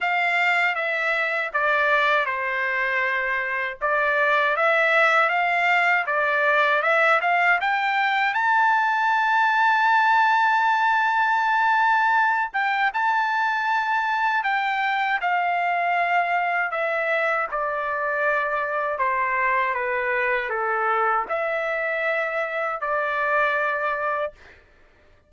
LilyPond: \new Staff \with { instrumentName = "trumpet" } { \time 4/4 \tempo 4 = 79 f''4 e''4 d''4 c''4~ | c''4 d''4 e''4 f''4 | d''4 e''8 f''8 g''4 a''4~ | a''1~ |
a''8 g''8 a''2 g''4 | f''2 e''4 d''4~ | d''4 c''4 b'4 a'4 | e''2 d''2 | }